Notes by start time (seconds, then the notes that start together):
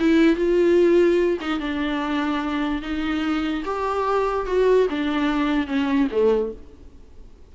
0.00 E4
0.36 F4
1.41 D#4
1.60 D4
2.82 D#4
3.65 G4
4.47 F#4
4.90 D4
5.67 C#4
6.11 A3